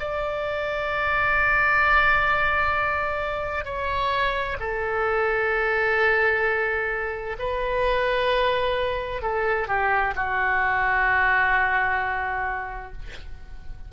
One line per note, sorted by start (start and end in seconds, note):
0.00 3.65 D5
3.65 4.57 C#5
4.60 7.37 A4
7.39 9.22 B4
9.22 9.68 A4
9.68 10.14 G4
10.16 12.93 F#4